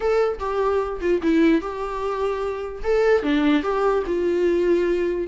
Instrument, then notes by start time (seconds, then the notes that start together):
viola
0.00 A4
0.39 G4
1.00 F4
1.22 E4
1.61 G4
2.83 A4
3.22 D4
3.62 G4
4.06 F4